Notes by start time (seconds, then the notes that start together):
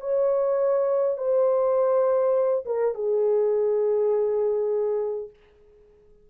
0.00 C#5
1.17 C5
2.65 A#4
2.94 G#4